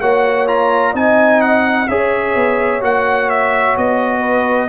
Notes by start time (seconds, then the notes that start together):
0.00 A#3 F#4 C#5 F#5
0.47 F4 A#5
0.92 C4 D#4 D#5 G#5
1.41 F#5
1.88 C#4 G#4 C#5 E5
2.35 B3
2.81 A#3 F#4 F#5
3.29 E5
3.77 B3 D#5
4.20 B4